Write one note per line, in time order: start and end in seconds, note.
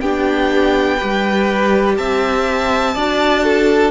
0.00 0.99 B3
0.00 0.99 D4
0.00 0.97 G4
0.00 1.96 G5
0.97 1.98 G3
0.97 2.96 G4
0.97 1.95 B4
1.96 2.95 C4
1.96 2.94 E5
1.96 3.91 A5
2.94 3.91 D4
2.94 3.91 F#4
2.94 3.43 D5
3.43 3.91 A4